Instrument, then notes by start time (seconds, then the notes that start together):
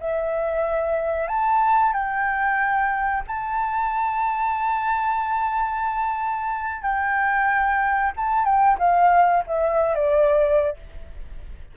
flute
0.00 E5
1.28 A5
1.93 G5
3.27 A5
6.82 G5
8.16 A5
8.45 G5
8.78 F5
9.47 E5
9.95 D5